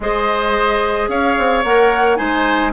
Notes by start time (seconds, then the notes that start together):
0.00 G#3 G#4 C5 D#5
1.08 C#4 C#5 F5
1.38 C4
1.63 A#3 A#4 F#5
2.16 G#3 D#4 C5 G#5